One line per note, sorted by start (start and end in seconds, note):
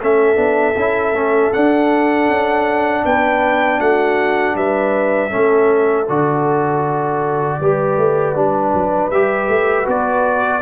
0.00 0.37 A3
0.00 0.35 C#4
0.00 3.04 A4
0.00 1.53 E5
0.35 0.75 B3
0.35 0.73 D4
0.76 1.12 C#4
0.76 1.14 E4
1.12 1.50 A3
1.12 1.52 C#4
1.53 5.30 D4
1.53 2.28 D4
1.53 3.05 F#5
2.28 3.04 C#4
3.04 3.80 B3
3.04 3.79 B4
3.04 3.80 G5
3.79 4.55 A3
3.79 4.55 F#4
3.79 4.56 F#5
4.55 5.31 G3
4.55 5.30 B4
4.55 6.08 E5
5.30 6.09 A3
5.30 6.06 C#4
5.30 7.58 A4
6.08 7.60 D3
6.08 7.61 F#4
6.08 9.11 D5
7.60 7.97 G3
7.60 8.35 G4
7.60 10.62 B4
7.97 8.35 A3
8.35 8.73 G3
8.35 9.11 D4
8.73 9.11 F#3
9.11 9.48 G3
9.11 9.85 G4
9.11 9.87 E5
9.48 9.86 A3
9.85 10.62 B3
9.85 10.61 F#4
9.85 10.62 D5